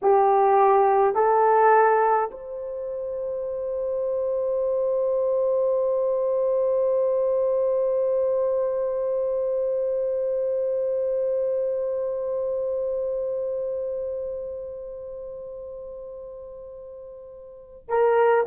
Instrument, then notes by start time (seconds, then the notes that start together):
horn
0.02 G4
1.14 A4
2.30 C5
17.88 A#4